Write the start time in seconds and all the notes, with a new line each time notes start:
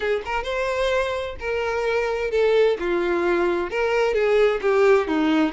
0.00 G#4
0.25 A#4
0.43 C5
1.39 A#4
2.31 A4
2.79 F4
3.70 A#4
4.14 G#4
4.61 G4
5.07 D#4